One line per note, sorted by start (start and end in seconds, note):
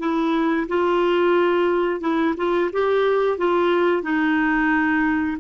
0.00 0.67 E4
0.68 2.01 F4
2.01 2.35 E4
2.37 2.71 F4
2.73 3.38 G4
3.38 4.03 F4
4.03 5.38 D#4